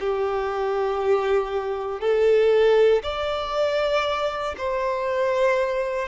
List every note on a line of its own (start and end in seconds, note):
0.00 2.01 G4
2.01 3.02 A4
3.03 4.55 D5
4.58 6.08 C5